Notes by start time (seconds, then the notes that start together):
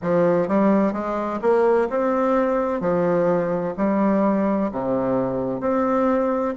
0.02 F3
0.47 G3
0.92 G#3
1.41 A#3
1.89 C4
2.80 F3
3.77 G3
4.71 C3
5.60 C4